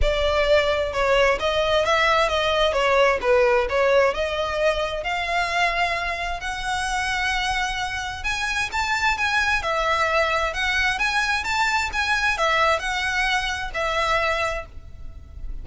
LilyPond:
\new Staff \with { instrumentName = "violin" } { \time 4/4 \tempo 4 = 131 d''2 cis''4 dis''4 | e''4 dis''4 cis''4 b'4 | cis''4 dis''2 f''4~ | f''2 fis''2~ |
fis''2 gis''4 a''4 | gis''4 e''2 fis''4 | gis''4 a''4 gis''4 e''4 | fis''2 e''2 | }